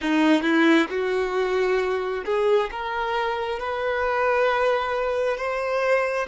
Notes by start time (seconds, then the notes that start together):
0.01 D#4
0.42 E4
0.90 F#4
2.25 G#4
2.71 A#4
3.59 B4
5.37 C5